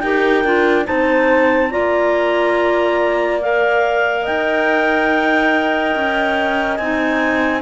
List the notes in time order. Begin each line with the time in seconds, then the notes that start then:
0.00 D#4 G4 A#4 G5
0.44 D4 F4
0.85 C4 D#4 C5 A5
1.71 A#3 F4 D5 A#5
3.42 A#4 F5
4.23 D#4 D#5 G5
5.96 C#4
6.77 C4 D#4 G#5